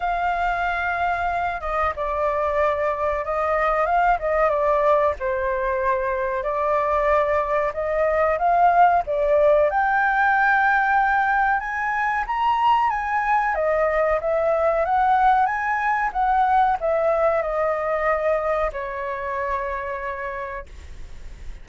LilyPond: \new Staff \with { instrumentName = "flute" } { \time 4/4 \tempo 4 = 93 f''2~ f''8 dis''8 d''4~ | d''4 dis''4 f''8 dis''8 d''4 | c''2 d''2 | dis''4 f''4 d''4 g''4~ |
g''2 gis''4 ais''4 | gis''4 dis''4 e''4 fis''4 | gis''4 fis''4 e''4 dis''4~ | dis''4 cis''2. | }